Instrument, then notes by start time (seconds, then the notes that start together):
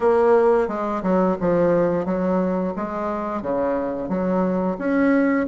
bassoon
0.00 A#3
0.68 G#3
1.02 F#3
1.40 F3
2.05 F#3
2.76 G#3
3.42 C#3
4.08 F#3
4.78 C#4